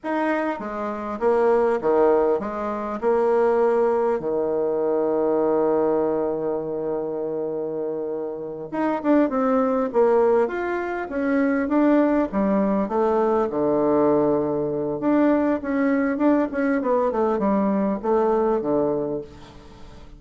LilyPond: \new Staff \with { instrumentName = "bassoon" } { \time 4/4 \tempo 4 = 100 dis'4 gis4 ais4 dis4 | gis4 ais2 dis4~ | dis1~ | dis2~ dis8 dis'8 d'8 c'8~ |
c'8 ais4 f'4 cis'4 d'8~ | d'8 g4 a4 d4.~ | d4 d'4 cis'4 d'8 cis'8 | b8 a8 g4 a4 d4 | }